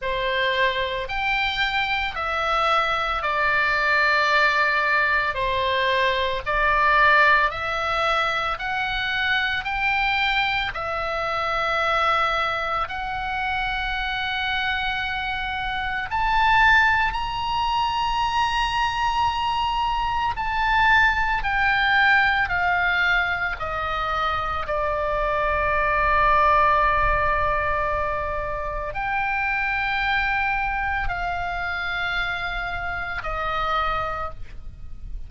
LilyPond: \new Staff \with { instrumentName = "oboe" } { \time 4/4 \tempo 4 = 56 c''4 g''4 e''4 d''4~ | d''4 c''4 d''4 e''4 | fis''4 g''4 e''2 | fis''2. a''4 |
ais''2. a''4 | g''4 f''4 dis''4 d''4~ | d''2. g''4~ | g''4 f''2 dis''4 | }